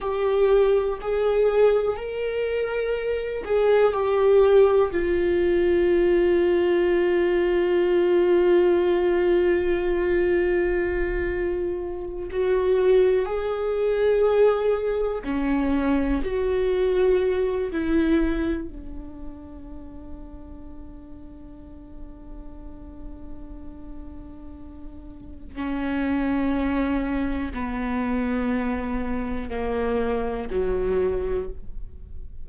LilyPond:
\new Staff \with { instrumentName = "viola" } { \time 4/4 \tempo 4 = 61 g'4 gis'4 ais'4. gis'8 | g'4 f'2.~ | f'1~ | f'8 fis'4 gis'2 cis'8~ |
cis'8 fis'4. e'4 d'4~ | d'1~ | d'2 cis'2 | b2 ais4 fis4 | }